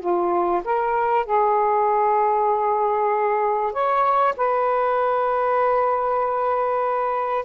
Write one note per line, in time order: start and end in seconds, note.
0.00 0.62 F4
0.64 1.26 A#4
1.26 3.73 G#4
3.73 4.34 C#5
4.37 7.45 B4